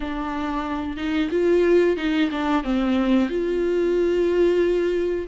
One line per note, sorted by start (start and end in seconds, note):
0.00 0.97 D4
0.97 1.29 D#4
1.30 1.96 F4
1.97 2.30 D#4
2.31 2.63 D4
2.63 3.29 C4
3.29 5.27 F4